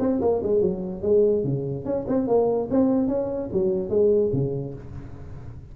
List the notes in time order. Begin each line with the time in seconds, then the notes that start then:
0.00 C4
0.21 A#3
0.43 G#3
0.62 F#3
1.03 G#3
1.44 C#3
1.85 C#4
2.08 C4
2.28 A#3
2.71 C4
3.08 C#4
3.53 F#3
3.90 G#3
4.33 C#3